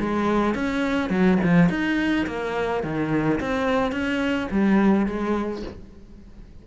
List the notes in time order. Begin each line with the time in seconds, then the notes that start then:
0.00 G#3
0.55 C#4
1.10 F#3
1.44 F3
1.70 D#4
2.27 A#3
2.84 D#3
3.41 C4
3.92 C#4
4.52 G3
5.07 G#3